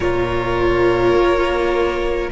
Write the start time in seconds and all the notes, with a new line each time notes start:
0.00 A#2 F4 A#4 C#5
1.13 A#3